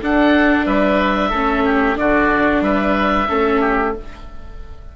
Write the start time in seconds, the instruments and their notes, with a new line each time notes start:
0.00 bassoon D4, viola D4, oboe A4 F#5
0.65 bassoon G3, oboe B4 E5
1.29 bassoon A3, viola C#4, oboe A4
1.65 oboe G4
1.95 bassoon D3, viola D4, oboe F#4 D5
2.60 bassoon G3, oboe B4 E5
3.28 bassoon A3, viola C#4, oboe A4
3.60 oboe G4